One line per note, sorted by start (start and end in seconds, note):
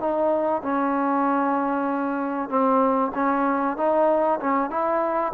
0.00 0.62 D#4
0.62 2.49 C#4
2.49 3.12 C4
3.15 3.77 C#4
3.77 4.40 D#4
4.40 4.70 C#4
4.70 5.33 E4